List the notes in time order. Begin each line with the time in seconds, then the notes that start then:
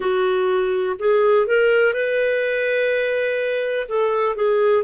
0.00 F#4
0.99 G#4
1.46 A#4
1.94 B4
3.88 A4
4.35 G#4